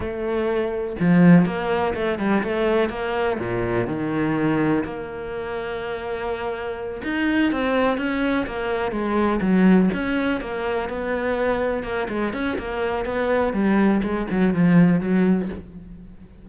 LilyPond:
\new Staff \with { instrumentName = "cello" } { \time 4/4 \tempo 4 = 124 a2 f4 ais4 | a8 g8 a4 ais4 ais,4 | dis2 ais2~ | ais2~ ais8 dis'4 c'8~ |
c'8 cis'4 ais4 gis4 fis8~ | fis8 cis'4 ais4 b4.~ | b8 ais8 gis8 cis'8 ais4 b4 | g4 gis8 fis8 f4 fis4 | }